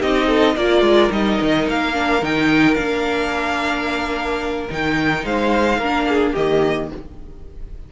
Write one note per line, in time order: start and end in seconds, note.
0.00 0.56 C4
0.00 0.56 D#4
0.00 0.27 G4
0.00 0.57 D#5
0.27 0.54 A4
0.56 0.81 A#3
0.56 1.10 F4
0.56 5.24 A#4
0.56 1.12 D5
0.81 1.09 G#3
1.10 1.38 G3
1.10 1.93 D#4
1.10 1.67 D#5
1.41 1.68 D#3
1.68 2.22 A#3
1.68 2.24 F5
1.93 2.21 D4
2.22 2.76 D#3
2.22 2.75 D#4
2.22 2.74 G5
2.74 4.69 A#3
2.74 4.68 D4
2.74 4.67 F5
4.69 5.24 D#3
4.69 5.79 D#4
4.69 5.25 G5
5.24 5.78 G#3
5.24 5.78 C5
5.24 6.35 F5
5.78 6.33 A#3
5.78 6.37 D4
5.78 6.06 A#4
6.08 6.33 G#4
6.33 6.91 D#3
6.33 6.92 A#3
6.33 6.88 G4
6.33 6.90 D#5